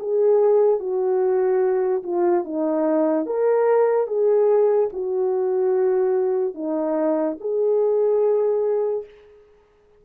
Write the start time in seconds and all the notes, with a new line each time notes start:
0.00 G#4
0.80 F#4
2.03 F4
2.45 D#4
3.26 A#4
4.07 G#4
4.93 F#4
6.55 D#4
7.40 G#4